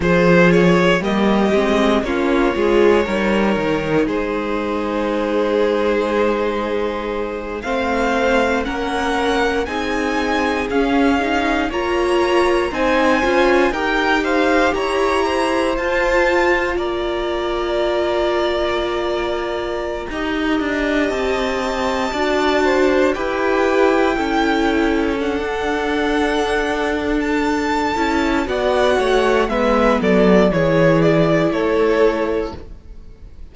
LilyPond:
<<
  \new Staff \with { instrumentName = "violin" } { \time 4/4 \tempo 4 = 59 c''8 cis''8 dis''4 cis''2 | c''2.~ c''8 f''8~ | f''8 fis''4 gis''4 f''4 ais''8~ | ais''8 gis''4 g''8 f''8 ais''4 a''8~ |
a''8 ais''2.~ ais''8~ | ais''8. a''2 g''4~ g''16~ | g''8. fis''2 a''4~ a''16 | fis''4 e''8 d''8 cis''8 d''8 cis''4 | }
  \new Staff \with { instrumentName = "violin" } { \time 4/4 gis'4 g'4 f'8 gis'8 ais'4 | gis'2.~ gis'8 c''8~ | c''8 ais'4 gis'2 cis''8~ | cis''8 c''4 ais'8 c''8 cis''8 c''4~ |
c''8 d''2.~ d''16 dis''16~ | dis''4.~ dis''16 d''8 c''8 b'4 a'16~ | a'1 | d''8 cis''8 b'8 a'8 gis'4 a'4 | }
  \new Staff \with { instrumentName = "viola" } { \time 4/4 f'4 ais8 c'8 cis'8 f'8 dis'4~ | dis'2.~ dis'8 c'8~ | c'8 cis'4 dis'4 cis'8 dis'8 f'8~ | f'8 dis'8 f'8 g'2 f'8~ |
f'2.~ f'8. g'16~ | g'4.~ g'16 fis'4 g'4 e'16~ | e'8. d'2~ d'8. e'8 | fis'4 b4 e'2 | }
  \new Staff \with { instrumentName = "cello" } { \time 4/4 f4 g8 gis8 ais8 gis8 g8 dis8 | gis2.~ gis8 a8~ | a8 ais4 c'4 cis'4 ais8~ | ais8 c'8 cis'8 dis'4 e'4 f'8~ |
f'8 ais2.~ ais16 dis'16~ | dis'16 d'8 c'4 d'4 e'4 cis'16~ | cis'4 d'2~ d'8 cis'8 | b8 a8 gis8 fis8 e4 a4 | }
>>